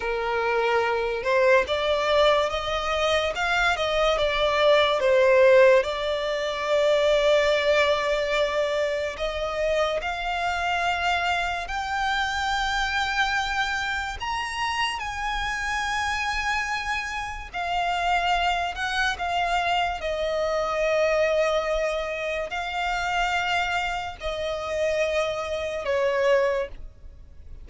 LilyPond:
\new Staff \with { instrumentName = "violin" } { \time 4/4 \tempo 4 = 72 ais'4. c''8 d''4 dis''4 | f''8 dis''8 d''4 c''4 d''4~ | d''2. dis''4 | f''2 g''2~ |
g''4 ais''4 gis''2~ | gis''4 f''4. fis''8 f''4 | dis''2. f''4~ | f''4 dis''2 cis''4 | }